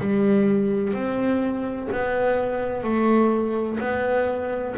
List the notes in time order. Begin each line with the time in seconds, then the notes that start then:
0.00 G3
0.94 C4
1.92 B3
2.84 A3
3.80 B3